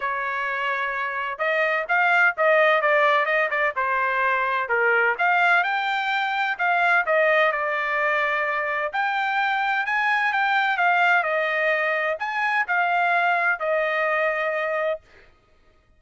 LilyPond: \new Staff \with { instrumentName = "trumpet" } { \time 4/4 \tempo 4 = 128 cis''2. dis''4 | f''4 dis''4 d''4 dis''8 d''8 | c''2 ais'4 f''4 | g''2 f''4 dis''4 |
d''2. g''4~ | g''4 gis''4 g''4 f''4 | dis''2 gis''4 f''4~ | f''4 dis''2. | }